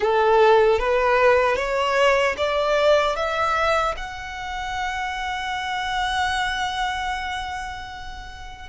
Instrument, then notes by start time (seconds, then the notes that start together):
violin
0.00 A4
0.79 B4
1.56 C#5
2.37 D5
3.15 E5
3.96 F#5